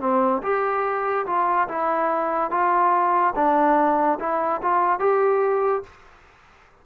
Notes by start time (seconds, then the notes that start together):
0.00 C4
0.42 G4
1.26 F4
1.68 E4
2.50 F4
3.35 D4
4.19 E4
4.61 F4
4.99 G4